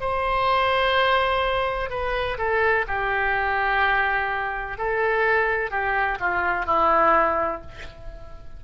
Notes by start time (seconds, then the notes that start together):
0.00 C5
1.89 B4
2.37 A4
2.87 G4
4.77 A4
5.70 G4
6.19 F4
6.65 E4